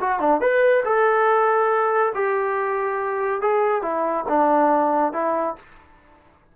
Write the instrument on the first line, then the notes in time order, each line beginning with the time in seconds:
trombone
0.00 F#4
0.19 D4
0.41 B4
0.85 A4
2.14 G4
3.41 G#4
3.82 E4
4.28 D4
5.13 E4